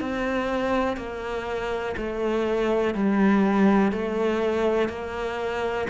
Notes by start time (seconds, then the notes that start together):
0.00 C4
0.97 A#3
1.97 A3
2.94 G3
3.92 A3
4.89 A#3